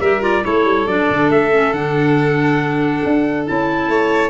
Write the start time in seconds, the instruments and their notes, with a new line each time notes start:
0.00 tuba G3, clarinet G4, violin A#4, trumpet E5
0.21 clarinet F4, trumpet D5
0.43 tuba A3, clarinet E4, violin A4, trumpet C#5
0.65 tuba G3
0.87 tuba F#3, clarinet D4, trumpet D5
1.10 tuba D3
1.29 tuba A3, trumpet E5
1.51 clarinet C#4
1.72 tuba D3, clarinet D4, trumpet F#5
3.05 tuba D4
3.46 tuba C#4, clarinet E4, trumpet A5
3.88 tuba A3, violin C#5